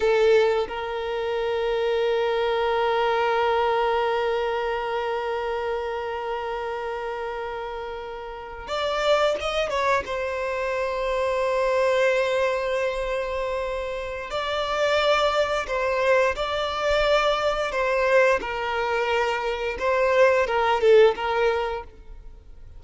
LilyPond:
\new Staff \with { instrumentName = "violin" } { \time 4/4 \tempo 4 = 88 a'4 ais'2.~ | ais'1~ | ais'1~ | ais'8. d''4 dis''8 cis''8 c''4~ c''16~ |
c''1~ | c''4 d''2 c''4 | d''2 c''4 ais'4~ | ais'4 c''4 ais'8 a'8 ais'4 | }